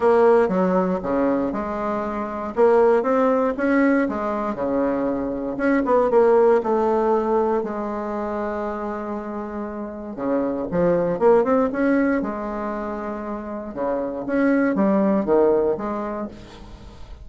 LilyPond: \new Staff \with { instrumentName = "bassoon" } { \time 4/4 \tempo 4 = 118 ais4 fis4 cis4 gis4~ | gis4 ais4 c'4 cis'4 | gis4 cis2 cis'8 b8 | ais4 a2 gis4~ |
gis1 | cis4 f4 ais8 c'8 cis'4 | gis2. cis4 | cis'4 g4 dis4 gis4 | }